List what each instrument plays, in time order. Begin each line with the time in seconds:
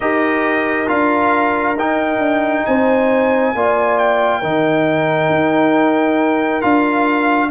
0.00 tuba D#4, trombone G4, horn A#4, trumpet D#5
0.86 tuba D4, trombone F4, trumpet F5
1.76 tuba D#4, trombone D#4, trumpet G5
2.18 tuba D4
2.65 tuba C4, horn C5, trumpet G#5
3.54 tuba A#3, trombone F4, horn D5
3.98 trumpet G5
4.40 tuba D#3, trombone D#4, horn A#4
5.29 tuba D#4
6.61 tuba D4, trombone F4, trumpet F5